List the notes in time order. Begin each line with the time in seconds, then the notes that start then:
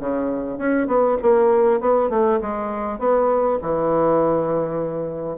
0.00 C#3
0.58 C#4
0.88 B3
1.22 A#3
1.81 B3
2.10 A3
2.42 G#3
2.99 B3
3.62 E3